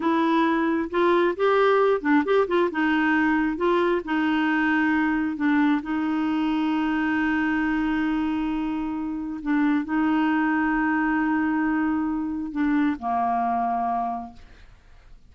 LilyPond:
\new Staff \with { instrumentName = "clarinet" } { \time 4/4 \tempo 4 = 134 e'2 f'4 g'4~ | g'8 d'8 g'8 f'8 dis'2 | f'4 dis'2. | d'4 dis'2.~ |
dis'1~ | dis'4 d'4 dis'2~ | dis'1 | d'4 ais2. | }